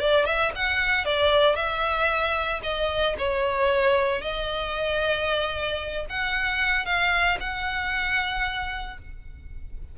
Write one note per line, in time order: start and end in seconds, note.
0.00 0.26 D5
0.26 0.52 E5
0.56 1.05 F#5
1.05 1.56 D5
1.56 2.61 E5
2.63 3.16 D#5
3.19 4.22 C#5
4.22 6.06 D#5
6.10 6.86 F#5
6.86 7.38 F5
7.40 8.98 F#5